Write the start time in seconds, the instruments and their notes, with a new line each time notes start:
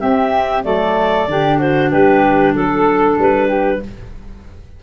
0.00 clarinet C4 E5, tuba C4, flute G4
0.64 tuba F#3, clarinet A3 D5, flute A4
1.28 tuba D3, clarinet D4, flute G4
1.59 flute F#4, clarinet C5
1.91 tuba G3, flute G4, clarinet B4
2.55 tuba F#3, clarinet A4, flute A4
3.19 tuba G3, clarinet B4
3.48 flute G4